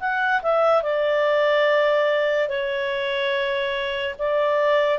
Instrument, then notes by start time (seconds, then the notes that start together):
clarinet
0.00 F#5
0.42 E5
0.83 D5
2.49 C#5
4.19 D5